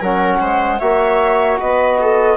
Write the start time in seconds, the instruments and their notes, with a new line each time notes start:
0.00 bassoon F#3, trombone C#4, viola A#4, flute F#5
0.41 bassoon G#3, viola C5
0.79 bassoon A#3, trombone F#4, viola C#5, flute E5
1.59 bassoon B3, viola B4, flute D#5
2.01 viola A4